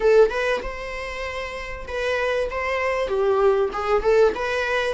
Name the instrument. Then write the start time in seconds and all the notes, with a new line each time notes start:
viola
0.00 A4
0.30 B4
0.62 C5
1.87 B4
2.50 C5
3.08 G4
3.73 G#4
4.02 A4
4.35 B4